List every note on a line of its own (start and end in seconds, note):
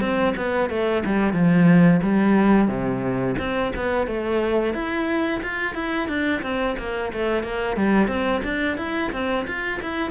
0.00 0.34 C4
0.36 0.70 B3
0.70 1.03 A3
1.05 1.33 G3
1.33 2.00 F3
2.02 2.68 G3
2.68 3.35 C3
3.38 3.72 C4
3.75 4.07 B3
4.07 4.73 A3
4.73 5.41 E4
5.43 5.74 F4
5.74 6.08 E4
6.08 6.42 D4
6.42 6.76 C4
6.78 7.12 A#3
7.12 7.43 A3
7.43 7.76 A#3
7.76 8.07 G3
8.07 8.41 C4
8.43 8.77 D4
8.77 9.11 E4
9.12 9.46 C4
9.47 9.80 F4
9.82 10.10 E4